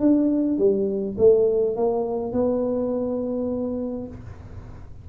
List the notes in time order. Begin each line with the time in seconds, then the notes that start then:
0.00 D4
0.58 G3
1.18 A3
1.76 A#3
2.32 B3